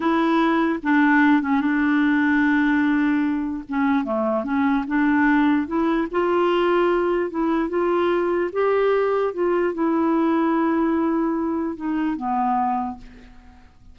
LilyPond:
\new Staff \with { instrumentName = "clarinet" } { \time 4/4 \tempo 4 = 148 e'2 d'4. cis'8 | d'1~ | d'4 cis'4 a4 cis'4 | d'2 e'4 f'4~ |
f'2 e'4 f'4~ | f'4 g'2 f'4 | e'1~ | e'4 dis'4 b2 | }